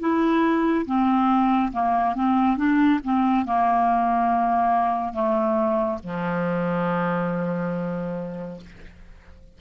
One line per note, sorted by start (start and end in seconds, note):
0.00 0.86 E4
0.86 1.72 C4
1.73 2.15 A#3
2.15 2.57 C4
2.57 3.00 D4
3.04 3.45 C4
3.45 5.13 A#3
5.13 5.99 A3
6.04 8.61 F3